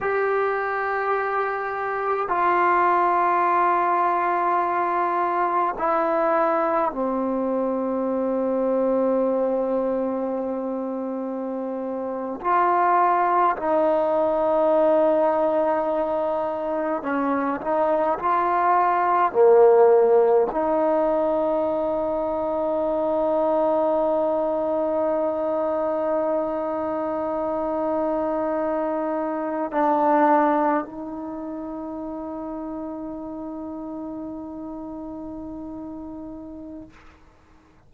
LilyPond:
\new Staff \with { instrumentName = "trombone" } { \time 4/4 \tempo 4 = 52 g'2 f'2~ | f'4 e'4 c'2~ | c'2~ c'8. f'4 dis'16~ | dis'2~ dis'8. cis'8 dis'8 f'16~ |
f'8. ais4 dis'2~ dis'16~ | dis'1~ | dis'4.~ dis'16 d'4 dis'4~ dis'16~ | dis'1 | }